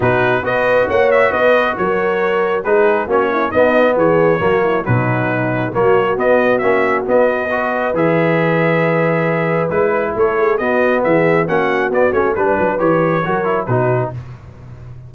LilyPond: <<
  \new Staff \with { instrumentName = "trumpet" } { \time 4/4 \tempo 4 = 136 b'4 dis''4 fis''8 e''8 dis''4 | cis''2 b'4 cis''4 | dis''4 cis''2 b'4~ | b'4 cis''4 dis''4 e''4 |
dis''2 e''2~ | e''2 b'4 cis''4 | dis''4 e''4 fis''4 d''8 cis''8 | b'4 cis''2 b'4 | }
  \new Staff \with { instrumentName = "horn" } { \time 4/4 fis'4 b'4 cis''4 b'4 | ais'2 gis'4 fis'8 e'8 | dis'4 gis'4 fis'8 e'8 dis'4~ | dis'4 fis'2.~ |
fis'4 b'2.~ | b'2. a'8 gis'8 | fis'4 gis'4 fis'2 | b'2 ais'4 fis'4 | }
  \new Staff \with { instrumentName = "trombone" } { \time 4/4 dis'4 fis'2.~ | fis'2 dis'4 cis'4 | b2 ais4 fis4~ | fis4 ais4 b4 cis'4 |
b4 fis'4 gis'2~ | gis'2 e'2 | b2 cis'4 b8 cis'8 | d'4 g'4 fis'8 e'8 dis'4 | }
  \new Staff \with { instrumentName = "tuba" } { \time 4/4 b,4 b4 ais4 b4 | fis2 gis4 ais4 | b4 e4 fis4 b,4~ | b,4 fis4 b4 ais4 |
b2 e2~ | e2 gis4 a4 | b4 e4 ais4 b8 a8 | g8 fis8 e4 fis4 b,4 | }
>>